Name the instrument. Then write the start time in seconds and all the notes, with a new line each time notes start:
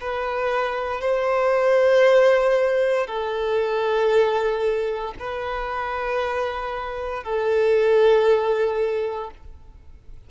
violin
0.00 B4
1.01 C5
3.07 A4
5.19 B4
7.24 A4